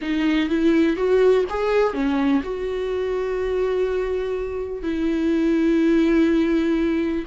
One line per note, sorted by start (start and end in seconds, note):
0.01 0.49 D#4
0.49 0.96 E4
0.96 1.45 F#4
1.49 1.93 G#4
1.93 2.42 C#4
2.43 4.82 F#4
4.82 7.24 E4